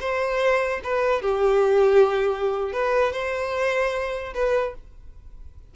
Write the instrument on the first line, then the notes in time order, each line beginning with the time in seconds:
violin
0.00 C5
0.83 B4
1.22 G4
2.72 B4
3.12 C5
4.34 B4